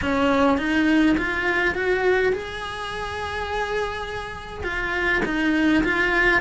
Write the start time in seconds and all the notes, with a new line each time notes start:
0.01 C#4
0.57 D#4
1.17 F4
1.74 F#4
2.32 G#4
4.63 F4
5.25 D#4
5.84 F4